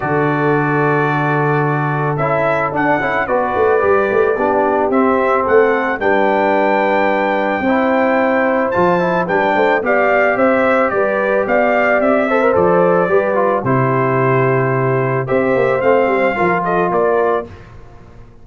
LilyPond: <<
  \new Staff \with { instrumentName = "trumpet" } { \time 4/4 \tempo 4 = 110 d''1 | e''4 fis''4 d''2~ | d''4 e''4 fis''4 g''4~ | g''1 |
a''4 g''4 f''4 e''4 | d''4 f''4 e''4 d''4~ | d''4 c''2. | e''4 f''4. dis''8 d''4 | }
  \new Staff \with { instrumentName = "horn" } { \time 4/4 a'1~ | a'2 b'2 | g'2 a'4 b'4~ | b'2 c''2~ |
c''4 b'8 c''8 d''4 c''4 | b'4 d''4. c''4. | b'4 g'2. | c''2 ais'8 a'8 ais'4 | }
  \new Staff \with { instrumentName = "trombone" } { \time 4/4 fis'1 | e'4 d'8 e'8 fis'4 g'4 | d'4 c'2 d'4~ | d'2 e'2 |
f'8 e'8 d'4 g'2~ | g'2~ g'8 a'16 ais'16 a'4 | g'8 f'8 e'2. | g'4 c'4 f'2 | }
  \new Staff \with { instrumentName = "tuba" } { \time 4/4 d1 | cis'4 d'8 cis'8 b8 a8 g8 a8 | b4 c'4 a4 g4~ | g2 c'2 |
f4 g8 a8 b4 c'4 | g4 b4 c'4 f4 | g4 c2. | c'8 ais8 a8 g8 f4 ais4 | }
>>